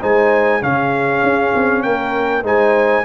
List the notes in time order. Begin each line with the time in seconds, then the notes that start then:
0.00 G#3 D#4 C5 G#5
0.62 C#3 C#4 G#4 F5
1.23 C#4
1.55 C4
1.82 A#3 A#4 G5
2.43 G#3 D#4 C5 G#5